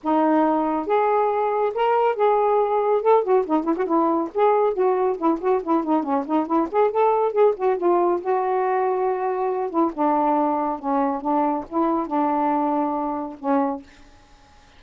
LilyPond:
\new Staff \with { instrumentName = "saxophone" } { \time 4/4 \tempo 4 = 139 dis'2 gis'2 | ais'4 gis'2 a'8 fis'8 | dis'8 e'16 fis'16 e'4 gis'4 fis'4 | e'8 fis'8 e'8 dis'8 cis'8 dis'8 e'8 gis'8 |
a'4 gis'8 fis'8 f'4 fis'4~ | fis'2~ fis'8 e'8 d'4~ | d'4 cis'4 d'4 e'4 | d'2. cis'4 | }